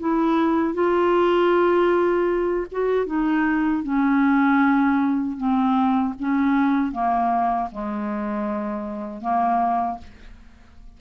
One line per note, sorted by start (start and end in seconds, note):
0.00 0.74 E4
0.74 2.66 F4
2.71 3.06 F#4
3.06 3.83 D#4
3.83 5.37 C#4
5.37 6.14 C4
6.19 6.92 C#4
6.92 7.69 A#3
7.71 9.21 G#3
9.21 9.98 A#3